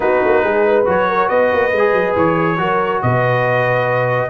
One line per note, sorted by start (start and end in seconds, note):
0.00 0.20 B3
0.00 0.85 D#4
0.00 0.44 F#4
0.00 0.85 B4
0.24 0.43 A#3
0.43 0.86 G#3
0.43 0.66 G#4
0.67 1.08 B4
0.85 1.30 F#3
0.85 1.71 F#4
0.85 1.28 C#5
1.08 1.26 A#4
1.26 1.51 B3
1.26 2.56 B4
1.26 2.14 D#5
1.52 1.71 A#3
1.71 1.92 G#3
1.78 2.57 G#4
1.92 2.14 F#3
2.16 2.58 E3
2.16 3.02 C#5
2.57 3.01 F#3
2.57 4.30 F#4
2.57 3.03 A#4
3.02 4.30 B2
3.02 4.30 B4
3.02 4.30 D#5